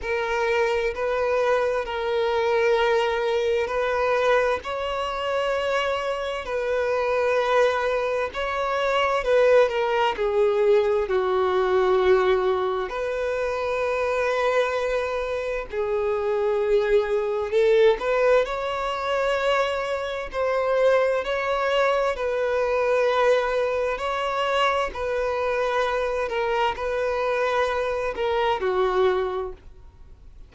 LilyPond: \new Staff \with { instrumentName = "violin" } { \time 4/4 \tempo 4 = 65 ais'4 b'4 ais'2 | b'4 cis''2 b'4~ | b'4 cis''4 b'8 ais'8 gis'4 | fis'2 b'2~ |
b'4 gis'2 a'8 b'8 | cis''2 c''4 cis''4 | b'2 cis''4 b'4~ | b'8 ais'8 b'4. ais'8 fis'4 | }